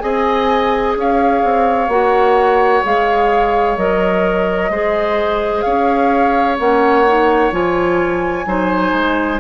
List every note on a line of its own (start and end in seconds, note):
0.00 0.96 C4
0.00 1.89 G#4
0.00 0.97 D#5
0.00 0.94 G#5
0.96 1.43 C#4
0.96 4.72 C#5
0.96 1.90 F5
1.45 1.88 C4
1.88 2.82 A#3
1.88 2.84 F#4
1.88 2.84 F#5
2.84 3.78 G#3
2.84 3.78 G#4
2.84 3.79 F5
3.78 4.70 F#3
3.78 4.71 A#4
3.78 5.62 D#5
4.70 5.64 G#3
4.70 6.59 G#4
4.70 5.65 C5
5.62 6.60 C#4
5.62 8.46 C#5
5.62 6.56 F5
6.59 7.52 A#3
6.59 7.06 C#4
6.59 7.53 F#5
7.07 7.52 D#4
7.52 8.46 F3
7.52 8.46 F4
7.52 9.40 G#5
8.46 8.93 F#3
8.46 9.40 D#4
8.46 9.40 C5
8.93 9.40 G#3